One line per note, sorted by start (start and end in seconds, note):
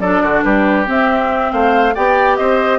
0.00 0.22 F#3
0.00 0.87 D4
0.00 0.23 A4
0.00 0.43 D5
0.23 0.44 D3
0.23 0.44 F#4
0.44 0.88 G3
0.44 1.53 G4
0.44 0.87 B4
0.87 1.95 C4
0.87 1.53 C4
0.87 1.52 E5
1.52 1.96 A3
1.52 1.95 C5
1.52 1.95 F5
1.95 2.39 B3
1.95 2.79 G4
1.95 2.38 D5
1.95 2.37 G5
2.37 2.79 C4
2.37 2.79 C5
2.37 2.79 D#5